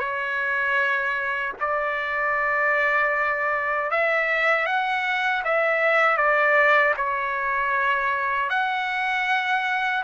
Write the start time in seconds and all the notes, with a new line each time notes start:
0.00 C#5
1.60 D5
3.91 E5
4.66 F#5
5.44 E5
6.17 D5
6.97 C#5
8.50 F#5